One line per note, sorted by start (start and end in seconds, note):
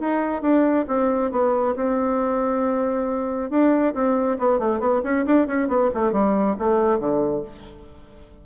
0.00 0.42 D#4
0.42 0.86 D4
0.88 1.31 C4
1.31 1.75 B3
1.76 3.50 C4
3.50 3.94 D4
3.94 4.38 C4
4.39 4.59 B3
4.59 4.80 A3
4.80 5.02 B3
5.03 5.25 C#4
5.26 5.47 D4
5.47 5.69 C#4
5.69 5.90 B3
5.94 6.13 A3
6.13 6.56 G3
6.59 6.99 A3
6.99 7.43 D3